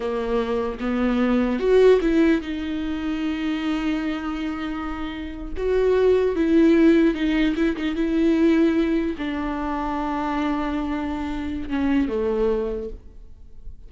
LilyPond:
\new Staff \with { instrumentName = "viola" } { \time 4/4 \tempo 4 = 149 ais2 b2 | fis'4 e'4 dis'2~ | dis'1~ | dis'4.~ dis'16 fis'2 e'16~ |
e'4.~ e'16 dis'4 e'8 dis'8 e'16~ | e'2~ e'8. d'4~ d'16~ | d'1~ | d'4 cis'4 a2 | }